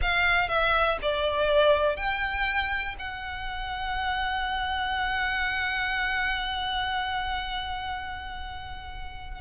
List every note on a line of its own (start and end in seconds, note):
0.01 0.48 F5
0.48 0.98 E5
1.01 1.96 D5
1.96 2.95 G5
2.98 9.41 F#5